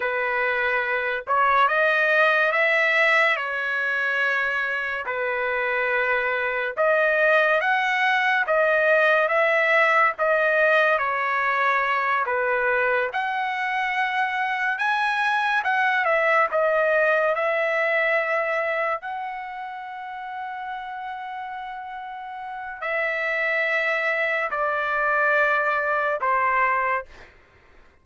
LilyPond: \new Staff \with { instrumentName = "trumpet" } { \time 4/4 \tempo 4 = 71 b'4. cis''8 dis''4 e''4 | cis''2 b'2 | dis''4 fis''4 dis''4 e''4 | dis''4 cis''4. b'4 fis''8~ |
fis''4. gis''4 fis''8 e''8 dis''8~ | dis''8 e''2 fis''4.~ | fis''2. e''4~ | e''4 d''2 c''4 | }